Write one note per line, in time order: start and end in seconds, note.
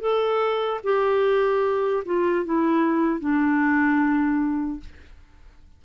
0.00 0.80 A4
0.83 2.03 G4
2.05 2.45 F4
2.45 3.20 E4
3.20 4.80 D4